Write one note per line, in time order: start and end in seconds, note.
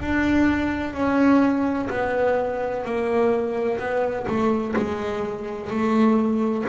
0.00 0.94 D4
0.94 1.89 C#4
1.90 2.85 B3
2.85 3.79 A#3
3.79 4.26 B3
4.27 4.75 A3
4.77 5.71 G#3
5.71 6.66 A3